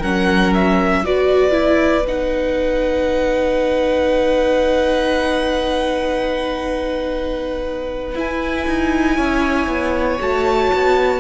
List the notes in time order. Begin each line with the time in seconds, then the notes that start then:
0.00 F#3 C#4 A#4 F#5
0.54 E5
1.04 B3 F#4 B4 D5
1.51 E4
2.07 D#4 F#5
8.15 E4 G#5
8.67 D#4
9.16 C#4 C#5
9.67 B3
10.20 A3 F#4 A5
10.73 B3